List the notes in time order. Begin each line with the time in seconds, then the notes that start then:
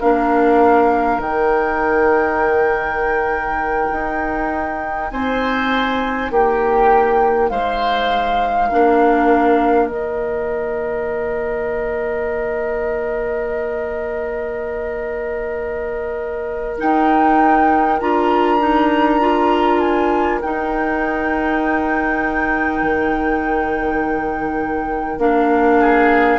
0.00 A#3 D4 A#4 F5
1.18 D#3 D#4 G5
3.92 D#4
5.11 C4 C5 G#5
6.30 A#3 G4 G5
7.49 G#3 C5 F5
8.69 A#3 D4 A#4
9.87 D#3 A#3 D#5
16.78 D#4 G5
18.00 D4 F4 A#5
18.60 D#4
19.20 F4
19.79 G#5
20.41 D#4 G5
22.82 D#3
25.18 A#3 D4 F5
25.80 G#4